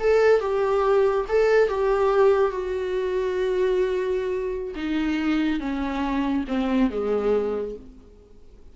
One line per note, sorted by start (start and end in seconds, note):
0.00 0.40 A4
0.40 1.26 G4
1.29 1.69 A4
1.69 2.51 G4
2.51 4.75 F#4
4.76 5.60 D#4
5.60 6.45 C#4
6.48 6.91 C4
6.91 7.76 G#3